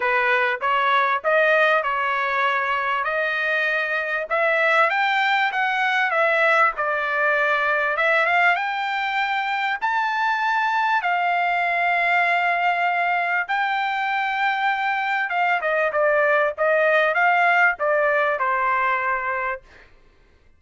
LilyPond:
\new Staff \with { instrumentName = "trumpet" } { \time 4/4 \tempo 4 = 98 b'4 cis''4 dis''4 cis''4~ | cis''4 dis''2 e''4 | g''4 fis''4 e''4 d''4~ | d''4 e''8 f''8 g''2 |
a''2 f''2~ | f''2 g''2~ | g''4 f''8 dis''8 d''4 dis''4 | f''4 d''4 c''2 | }